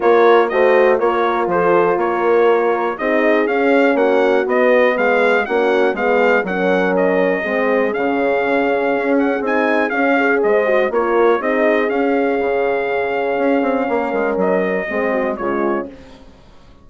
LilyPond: <<
  \new Staff \with { instrumentName = "trumpet" } { \time 4/4 \tempo 4 = 121 cis''4 dis''4 cis''4 c''4 | cis''2 dis''4 f''4 | fis''4 dis''4 f''4 fis''4 | f''4 fis''4 dis''2 |
f''2~ f''8 fis''8 gis''4 | f''4 dis''4 cis''4 dis''4 | f''1~ | f''4 dis''2 cis''4 | }
  \new Staff \with { instrumentName = "horn" } { \time 4/4 ais'4 c''4 ais'4 a'4 | ais'2 gis'2 | fis'2 gis'4 fis'4 | gis'4 ais'2 gis'4~ |
gis'1~ | gis'8 cis''8 c''4 ais'4 gis'4~ | gis'1 | ais'2 gis'8 fis'8 f'4 | }
  \new Staff \with { instrumentName = "horn" } { \time 4/4 f'4 fis'4 f'2~ | f'2 dis'4 cis'4~ | cis'4 b2 cis'4 | b4 cis'2 c'4 |
cis'2. dis'4 | cis'8 gis'4 fis'8 f'4 dis'4 | cis'1~ | cis'2 c'4 gis4 | }
  \new Staff \with { instrumentName = "bassoon" } { \time 4/4 ais4 a4 ais4 f4 | ais2 c'4 cis'4 | ais4 b4 gis4 ais4 | gis4 fis2 gis4 |
cis2 cis'4 c'4 | cis'4 gis4 ais4 c'4 | cis'4 cis2 cis'8 c'8 | ais8 gis8 fis4 gis4 cis4 | }
>>